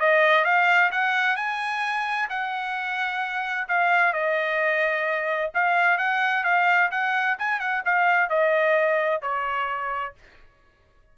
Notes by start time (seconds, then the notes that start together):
0.00 D#5
0.44 F5
0.91 F#5
1.36 G#5
2.30 F#5
3.68 F5
4.13 D#5
5.54 F5
5.98 F#5
6.44 F5
6.91 F#5
7.38 G#5
7.60 F#5
7.85 F5
8.30 D#5
9.22 C#5